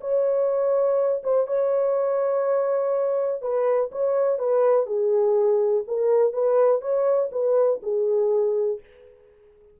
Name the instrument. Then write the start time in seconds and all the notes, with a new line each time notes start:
horn
0.00 C#5
1.23 C5
1.47 C#5
3.41 B4
3.92 C#5
4.38 B4
4.86 G#4
5.87 A#4
6.33 B4
6.81 C#5
7.31 B4
7.82 G#4